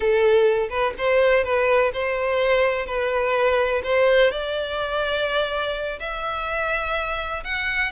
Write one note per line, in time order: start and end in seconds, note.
0.00 0.69 A4
0.69 0.93 B4
0.97 1.44 C5
1.44 1.92 B4
1.93 2.85 C5
2.85 3.81 B4
3.83 4.31 C5
4.31 5.99 D5
5.99 7.43 E5
7.44 7.92 F#5